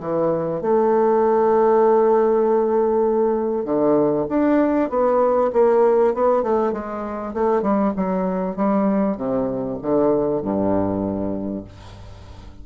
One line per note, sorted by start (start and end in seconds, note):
0.00 0.61 E3
0.61 3.65 A3
3.65 4.26 D3
4.29 4.90 D4
4.90 5.51 B3
5.52 6.14 A#3
6.14 6.42 B3
6.42 6.72 A3
6.72 7.33 G#3
7.33 7.62 A3
7.62 7.92 G3
7.96 8.55 F#3
8.55 9.17 G3
9.17 9.78 C3
9.82 10.42 D3
10.42 11.64 G2